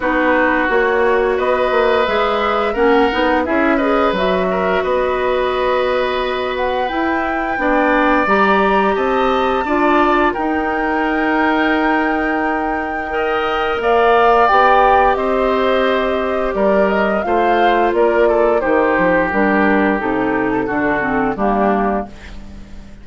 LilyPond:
<<
  \new Staff \with { instrumentName = "flute" } { \time 4/4 \tempo 4 = 87 b'4 cis''4 dis''4 e''4 | fis''4 e''8 dis''8 e''4 dis''4~ | dis''4. fis''8 g''2 | ais''4 a''2 g''4~ |
g''1 | f''4 g''4 dis''2 | d''8 dis''8 f''4 d''4 c''4 | ais'4 a'2 g'4 | }
  \new Staff \with { instrumentName = "oboe" } { \time 4/4 fis'2 b'2 | ais'4 gis'8 b'4 ais'8 b'4~ | b'2. d''4~ | d''4 dis''4 d''4 ais'4~ |
ais'2. dis''4 | d''2 c''2 | ais'4 c''4 ais'8 a'8 g'4~ | g'2 fis'4 d'4 | }
  \new Staff \with { instrumentName = "clarinet" } { \time 4/4 dis'4 fis'2 gis'4 | cis'8 dis'8 e'8 gis'8 fis'2~ | fis'2 e'4 d'4 | g'2 f'4 dis'4~ |
dis'2. ais'4~ | ais'4 g'2.~ | g'4 f'2 dis'4 | d'4 dis'4 d'8 c'8 ais4 | }
  \new Staff \with { instrumentName = "bassoon" } { \time 4/4 b4 ais4 b8 ais8 gis4 | ais8 b8 cis'4 fis4 b4~ | b2 e'4 b4 | g4 c'4 d'4 dis'4~ |
dis'1 | ais4 b4 c'2 | g4 a4 ais4 dis8 f8 | g4 c4 d4 g4 | }
>>